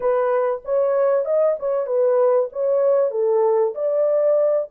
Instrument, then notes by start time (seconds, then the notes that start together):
horn
0.00 B4
0.64 C#5
1.25 D#5
1.59 C#5
1.86 B4
2.52 C#5
3.11 A4
3.74 D5